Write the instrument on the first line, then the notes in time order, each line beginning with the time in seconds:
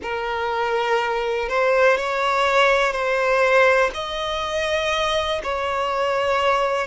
violin
0.02 A#4
1.48 C5
1.97 C#5
2.92 C5
3.93 D#5
5.43 C#5